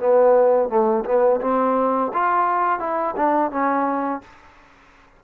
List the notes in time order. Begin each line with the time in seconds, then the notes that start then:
0.00 B3
0.69 A3
1.05 B3
1.41 C4
2.14 F4
2.80 E4
3.16 D4
3.51 C#4